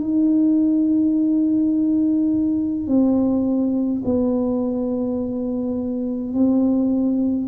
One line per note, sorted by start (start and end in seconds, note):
0.00 2.87 D#4
2.87 4.03 C4
4.05 6.34 B3
6.34 7.48 C4